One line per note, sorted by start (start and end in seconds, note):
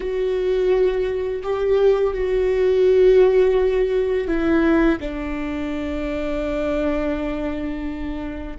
0.00 1.42 F#4
1.42 2.13 G4
2.13 4.27 F#4
4.27 4.98 E4
5.00 8.57 D4